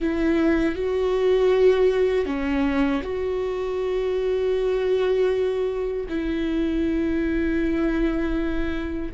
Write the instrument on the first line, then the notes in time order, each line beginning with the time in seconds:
viola
0.00 E4
0.75 F#4
2.25 C#4
3.02 F#4
6.08 E4